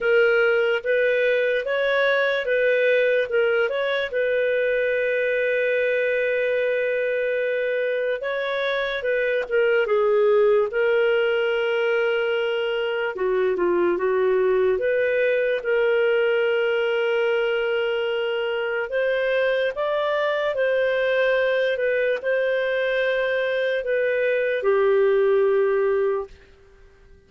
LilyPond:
\new Staff \with { instrumentName = "clarinet" } { \time 4/4 \tempo 4 = 73 ais'4 b'4 cis''4 b'4 | ais'8 cis''8 b'2.~ | b'2 cis''4 b'8 ais'8 | gis'4 ais'2. |
fis'8 f'8 fis'4 b'4 ais'4~ | ais'2. c''4 | d''4 c''4. b'8 c''4~ | c''4 b'4 g'2 | }